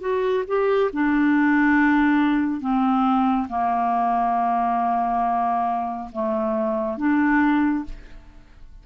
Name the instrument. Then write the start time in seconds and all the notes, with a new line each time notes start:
clarinet
0.00 F#4
0.47 G4
0.93 D4
2.60 C4
3.48 A#3
6.12 A3
6.97 D4